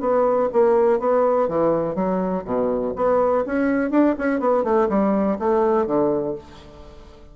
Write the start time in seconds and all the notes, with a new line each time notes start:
0.00 B3
0.53 A#3
0.99 B3
1.48 E3
1.95 F#3
2.45 B2
2.96 B3
3.46 C#4
3.91 D4
4.18 C#4
4.40 B3
4.64 A3
4.89 G3
5.39 A3
5.86 D3